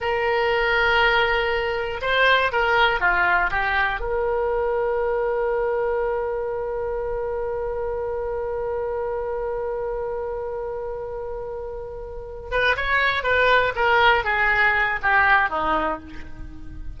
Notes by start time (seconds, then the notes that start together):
0.00 A#4
2.01 C5
2.51 A#4
3.00 F4
3.50 G4
4.00 A#4
12.51 B4
12.76 C#5
13.23 B4
13.75 A#4
14.24 G#4
15.02 G4
15.49 D#4